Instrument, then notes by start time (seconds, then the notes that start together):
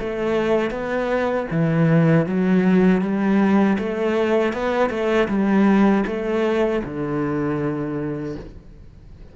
cello
0.00 A3
0.71 B3
1.51 E3
2.26 F#3
3.02 G3
3.79 A3
4.53 B3
4.90 A3
5.29 G3
6.07 A3
6.84 D3